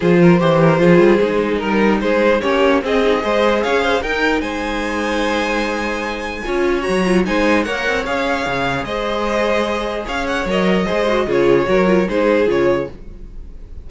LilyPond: <<
  \new Staff \with { instrumentName = "violin" } { \time 4/4 \tempo 4 = 149 c''1 | ais'4 c''4 cis''4 dis''4~ | dis''4 f''4 g''4 gis''4~ | gis''1~ |
gis''4 ais''4 gis''4 fis''4 | f''2 dis''2~ | dis''4 f''8 fis''8 dis''2 | cis''2 c''4 cis''4 | }
  \new Staff \with { instrumentName = "violin" } { \time 4/4 gis'8 ais'8 c''8 ais'8 gis'2 | ais'4 gis'4 g'4 gis'4 | c''4 cis''8 c''8 ais'4 c''4~ | c''1 |
cis''2 c''4 cis''4~ | cis''2 c''2~ | c''4 cis''2 c''4 | gis'4 ais'4 gis'2 | }
  \new Staff \with { instrumentName = "viola" } { \time 4/4 f'4 g'4 f'4 dis'4~ | dis'2 cis'4 c'8 dis'8 | gis'2 dis'2~ | dis'1 |
f'4 fis'8 f'8 dis'4 ais'4 | gis'1~ | gis'2 ais'4 gis'8 fis'8 | f'4 fis'8 f'8 dis'4 f'4 | }
  \new Staff \with { instrumentName = "cello" } { \time 4/4 f4 e4 f8 g8 gis4 | g4 gis4 ais4 c'4 | gis4 cis'4 dis'4 gis4~ | gis1 |
cis'4 fis4 gis4 ais8 c'8 | cis'4 cis4 gis2~ | gis4 cis'4 fis4 gis4 | cis4 fis4 gis4 cis4 | }
>>